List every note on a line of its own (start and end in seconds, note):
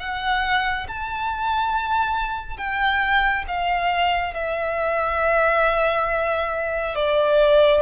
0.00 0.87 F#5
0.88 2.58 A5
2.58 3.45 G5
3.48 4.34 F5
4.34 6.95 E5
6.95 7.82 D5